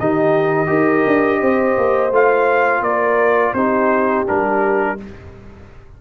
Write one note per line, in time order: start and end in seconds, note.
0.00 0.69 D#3
0.00 0.67 D#4
0.00 0.69 G4
0.00 2.14 D#5
0.67 1.05 D#4
0.67 2.10 G4
0.67 1.40 A#4
1.07 1.42 D4
1.40 1.78 C4
1.40 2.83 C5
1.78 2.12 A#3
2.12 2.82 A3
2.12 3.56 F4
2.12 2.83 F5
2.82 3.53 A#3
2.82 3.55 A#4
2.82 3.54 D5
3.54 4.26 C4
3.54 4.27 D#4
3.54 4.98 G4
3.54 4.25 C5
4.27 5.02 G3
4.27 4.98 D4
4.27 5.00 A#4